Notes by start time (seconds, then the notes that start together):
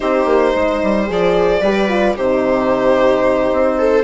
0.00 C4 D#4 G4 C5
0.25 A#3
0.53 G#3 C5
0.82 G3
1.06 F3 G#4 D5
1.61 G3 G4 B4
1.89 F4
2.16 C3 D#4 G4 C5
3.52 C4
3.78 A4